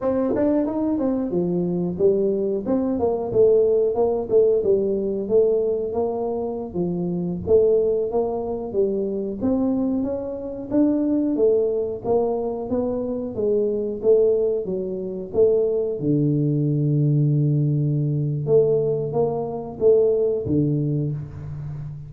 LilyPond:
\new Staff \with { instrumentName = "tuba" } { \time 4/4 \tempo 4 = 91 c'8 d'8 dis'8 c'8 f4 g4 | c'8 ais8 a4 ais8 a8 g4 | a4 ais4~ ais16 f4 a8.~ | a16 ais4 g4 c'4 cis'8.~ |
cis'16 d'4 a4 ais4 b8.~ | b16 gis4 a4 fis4 a8.~ | a16 d2.~ d8. | a4 ais4 a4 d4 | }